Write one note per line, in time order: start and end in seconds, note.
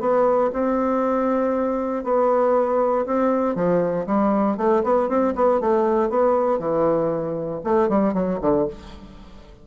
0.00 0.51 B3
0.53 2.04 C4
2.04 3.06 B3
3.06 3.55 C4
3.55 4.06 F3
4.07 4.57 G3
4.57 4.83 A3
4.84 5.09 B3
5.09 5.34 C4
5.35 5.60 B3
5.60 6.10 A3
6.10 6.59 B3
6.59 7.61 E3
7.64 7.89 A3
7.89 8.14 G3
8.14 8.39 F#3
8.41 8.67 D3